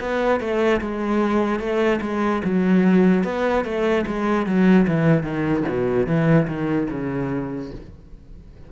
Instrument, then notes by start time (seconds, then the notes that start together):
cello
0.00 B3
0.40 A3
0.81 G#3
1.59 A3
2.02 G#3
2.44 F#3
3.24 B3
3.64 A3
4.07 G#3
4.46 F#3
4.87 E3
5.23 D#3
5.68 B2
6.06 E3
6.47 D#3
6.90 C#3